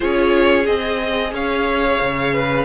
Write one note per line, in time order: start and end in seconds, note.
0.00 0.67 C#4
0.00 0.64 F4
0.00 1.33 G#4
0.00 0.66 C#5
0.66 1.32 C4
0.66 2.65 G#4
0.66 1.33 D#5
1.32 1.99 C#4
1.32 2.33 C#5
1.32 2.65 F5
2.01 2.65 C#3
2.33 2.65 B4